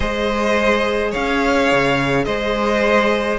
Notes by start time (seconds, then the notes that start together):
0.00 G#3 G#4 C5 D#5
1.11 C#4 C#5 F5
1.72 C#3
2.24 G#3 C5 D#5